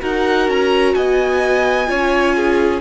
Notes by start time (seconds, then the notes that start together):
0.00 D#4 F#4 A#4 F#5
0.48 C#4 A#5
0.94 B3 D#5 G#5
1.86 C#4 F4 C#5
2.36 G#4